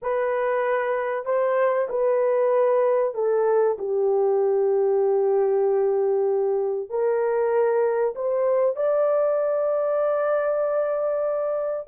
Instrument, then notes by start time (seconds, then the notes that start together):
horn
0.01 B4
1.25 C5
1.89 B4
3.14 A4
3.78 G4
6.89 A#4
8.15 C5
8.76 D5